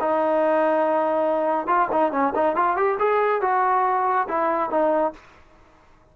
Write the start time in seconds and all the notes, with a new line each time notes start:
0.00 D#4
1.67 F4
1.91 D#4
2.11 C#4
2.35 D#4
2.56 F4
2.76 G4
2.98 G#4
3.41 F#4
4.28 E4
4.70 D#4